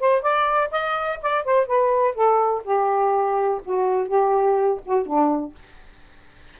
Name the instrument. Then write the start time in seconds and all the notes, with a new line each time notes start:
saxophone
0.00 C5
0.22 D5
0.71 D#5
1.22 D5
1.45 C5
1.67 B4
2.15 A4
2.64 G4
3.65 F#4
4.08 G4
4.85 F#4
5.06 D4